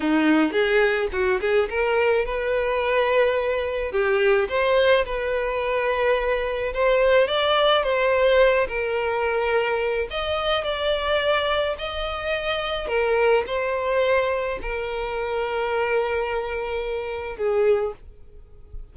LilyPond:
\new Staff \with { instrumentName = "violin" } { \time 4/4 \tempo 4 = 107 dis'4 gis'4 fis'8 gis'8 ais'4 | b'2. g'4 | c''4 b'2. | c''4 d''4 c''4. ais'8~ |
ais'2 dis''4 d''4~ | d''4 dis''2 ais'4 | c''2 ais'2~ | ais'2. gis'4 | }